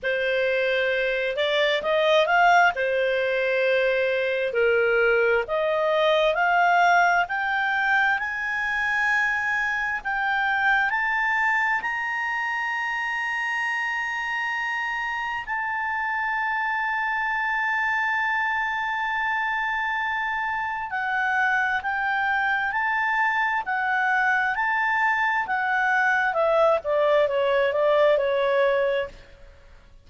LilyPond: \new Staff \with { instrumentName = "clarinet" } { \time 4/4 \tempo 4 = 66 c''4. d''8 dis''8 f''8 c''4~ | c''4 ais'4 dis''4 f''4 | g''4 gis''2 g''4 | a''4 ais''2.~ |
ais''4 a''2.~ | a''2. fis''4 | g''4 a''4 fis''4 a''4 | fis''4 e''8 d''8 cis''8 d''8 cis''4 | }